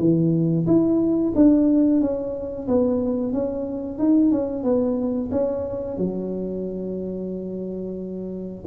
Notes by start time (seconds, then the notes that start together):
0.00 E3
0.67 E4
1.36 D4
2.01 C#4
2.68 B3
3.33 C#4
3.99 D#4
4.32 C#4
4.64 B3
5.32 C#4
5.98 F#3